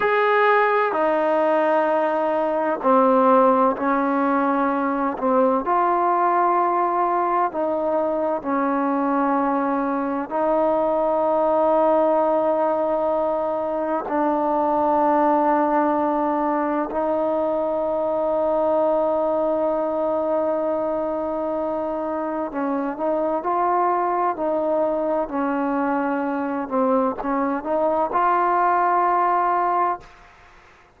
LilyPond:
\new Staff \with { instrumentName = "trombone" } { \time 4/4 \tempo 4 = 64 gis'4 dis'2 c'4 | cis'4. c'8 f'2 | dis'4 cis'2 dis'4~ | dis'2. d'4~ |
d'2 dis'2~ | dis'1 | cis'8 dis'8 f'4 dis'4 cis'4~ | cis'8 c'8 cis'8 dis'8 f'2 | }